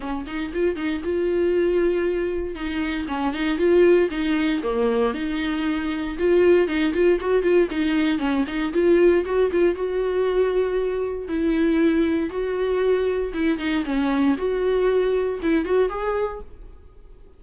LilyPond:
\new Staff \with { instrumentName = "viola" } { \time 4/4 \tempo 4 = 117 cis'8 dis'8 f'8 dis'8 f'2~ | f'4 dis'4 cis'8 dis'8 f'4 | dis'4 ais4 dis'2 | f'4 dis'8 f'8 fis'8 f'8 dis'4 |
cis'8 dis'8 f'4 fis'8 f'8 fis'4~ | fis'2 e'2 | fis'2 e'8 dis'8 cis'4 | fis'2 e'8 fis'8 gis'4 | }